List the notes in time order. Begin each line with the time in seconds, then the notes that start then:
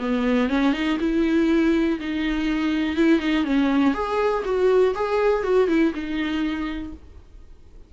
0.00 B3
0.49 C#4
0.73 D#4
1.00 E4
2.00 D#4
2.97 E4
3.20 D#4
3.44 C#4
3.94 G#4
4.45 F#4
4.95 G#4
5.43 F#4
5.68 E4
5.94 D#4